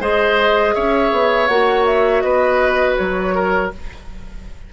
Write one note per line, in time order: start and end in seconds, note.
0.00 0.74 G#3
0.00 1.49 G#4
0.00 0.75 C5
0.00 0.75 D#5
0.75 1.12 C#4
0.75 2.23 C#5
0.75 1.48 E5
1.12 1.49 B3
1.48 2.23 A#3
1.48 3.72 F#4
1.48 1.85 F#5
1.86 2.22 E5
2.22 2.97 B3
2.22 3.35 B4
2.22 2.96 D#5
2.97 3.73 F#3
2.97 3.71 C#5
3.35 3.72 A#4